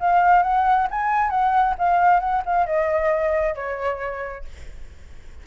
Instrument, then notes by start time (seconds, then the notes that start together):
flute
0.00 F5
0.43 F#5
0.91 G#5
1.30 F#5
1.78 F5
2.20 F#5
2.46 F5
2.67 D#5
3.56 C#5